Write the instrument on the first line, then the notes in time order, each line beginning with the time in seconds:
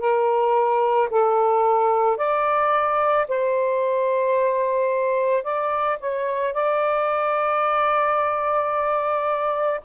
saxophone
0.00 A#4
1.11 A4
2.18 D5
3.29 C5
5.43 D5
6.00 C#5
6.54 D5